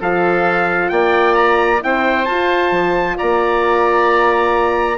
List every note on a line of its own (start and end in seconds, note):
0.00 0.91 F3
0.00 1.80 F4
0.00 0.91 A4
0.00 0.89 F5
0.89 1.81 A#3
0.89 1.83 D5
0.89 1.34 G5
1.35 1.80 A#5
1.80 2.27 C4
1.80 2.25 E4
1.80 2.25 G5
1.86 3.17 C5
2.25 2.71 F4
2.25 4.98 F4
2.25 3.16 A5
2.71 3.17 F3
3.17 4.98 A#3
3.17 4.98 D5
3.17 4.98 A#5